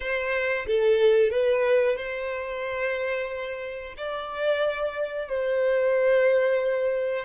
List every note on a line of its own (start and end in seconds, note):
0.00 0.66 C5
0.66 1.30 A4
1.30 1.96 B4
1.96 3.94 C5
3.97 5.29 D5
5.29 7.25 C5